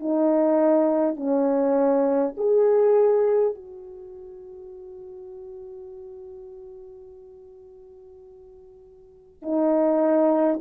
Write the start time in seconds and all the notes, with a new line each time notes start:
0.00 D#4
1.16 C#4
2.37 G#4
3.55 F#4
9.42 D#4